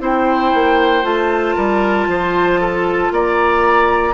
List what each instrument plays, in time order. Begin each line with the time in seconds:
0.00 bassoon C4, clarinet E4, oboe C5, flute G5
0.54 bassoon A#3
1.03 bassoon A3, clarinet F4, flute A5
1.56 bassoon G3, oboe A#4
2.08 bassoon F3, oboe C5
2.61 oboe A4
3.12 bassoon A#3, oboe D5, flute A#5